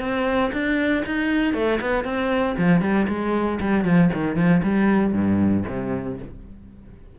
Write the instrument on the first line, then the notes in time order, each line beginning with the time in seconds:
cello
0.00 C4
0.53 D4
1.06 D#4
1.54 A3
1.81 B3
2.05 C4
2.58 F3
2.81 G3
3.08 G#3
3.60 G3
3.85 F3
4.14 D#3
4.36 F3
4.63 G3
5.13 G2
5.68 C3